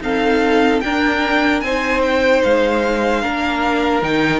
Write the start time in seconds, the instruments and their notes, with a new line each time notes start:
0.00 viola C4, cello D#4, violin A4 F5
0.80 cello D4, viola D4, violin A#4 G5
1.60 cello C4, viola D#4, violin C5 G#5
2.02 violin G5
2.43 cello G#3, violin F5
3.21 cello A#3, viola D4, violin A#4
4.02 cello D#3, viola D#4, violin G5